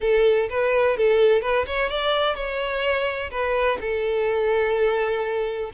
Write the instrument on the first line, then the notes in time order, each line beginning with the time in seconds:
violin
0.01 A4
0.49 B4
0.97 A4
1.41 B4
1.66 C#5
1.89 D5
2.35 C#5
3.31 B4
3.80 A4